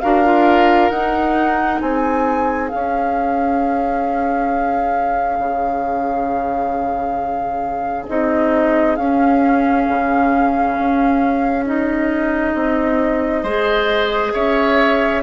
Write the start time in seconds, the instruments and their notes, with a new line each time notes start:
0.00 bassoon D4, clarinet F#4, oboe A#4, flute F5
0.24 clarinet F4
0.90 bassoon D#4, clarinet D#4, flute F#5
1.80 bassoon C4, oboe G#4, flute G#5
2.68 clarinet C#4, flute F5
2.74 bassoon C#4
5.39 bassoon C#3
8.08 bassoon C4, clarinet D#4, flute D#5
8.96 bassoon C#4, clarinet C#4, flute F5
9.88 bassoon C#3
10.78 bassoon C#4
11.66 clarinet D#4, flute D#5
12.54 bassoon C4
13.43 bassoon G#3, clarinet G#4, oboe C5
14.33 bassoon C#4, oboe C#5, flute E5